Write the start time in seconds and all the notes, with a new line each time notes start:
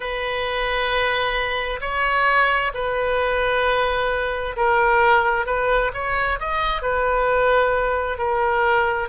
0.00 B4
1.81 C#5
2.74 B4
4.56 A#4
5.45 B4
5.93 C#5
6.39 D#5
6.81 B4
8.17 A#4